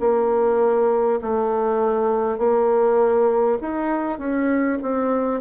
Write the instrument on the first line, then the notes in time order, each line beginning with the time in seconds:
bassoon
0.00 A#3
1.22 A3
2.38 A#3
3.61 D#4
4.19 C#4
4.82 C4